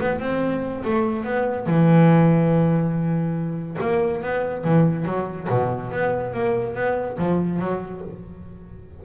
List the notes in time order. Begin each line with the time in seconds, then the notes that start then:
0.00 B3
0.20 C4
0.84 A3
1.24 B3
1.66 E3
3.80 A#3
4.23 B3
4.64 E3
5.05 F#3
5.49 B2
5.92 B3
6.33 A#3
6.75 B3
7.18 F3
7.59 F#3